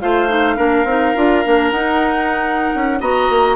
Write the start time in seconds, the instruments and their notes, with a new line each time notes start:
0.00 bassoon A3, clarinet F4, oboe C5, flute F5
0.28 clarinet D#4
0.56 bassoon A#3, clarinet D4, oboe A#4
0.84 bassoon C4, clarinet D#4
1.15 bassoon D4, clarinet F4
1.44 bassoon A#3, clarinet D4
1.71 bassoon D#4, clarinet D#4, flute F#5
2.75 bassoon C#4
3.00 bassoon B3, clarinet F#4, oboe D#5, flute A#5
3.29 bassoon A#3